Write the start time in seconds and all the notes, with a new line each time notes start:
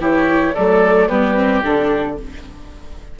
0.00 E3 E4 G4 C#5
0.54 F#3 A3 A4 D5
1.08 G3 B3 G4 B4
1.35 C4
1.64 D3 D4 A4